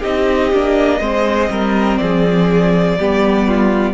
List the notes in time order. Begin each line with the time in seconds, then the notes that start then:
0.00 C4 D#4 G4 D#5
0.52 A#3 D4
1.00 G#3 C4 C5
1.50 G3 A#4
1.98 F3 G#4 D5
2.98 G3 B3 G4
3.48 F4